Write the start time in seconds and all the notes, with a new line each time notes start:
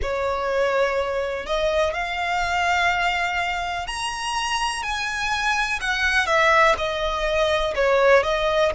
0.02 C#5
1.46 D#5
1.94 F5
3.87 A#5
4.83 G#5
5.81 F#5
6.26 E5
6.77 D#5
7.75 C#5
8.23 D#5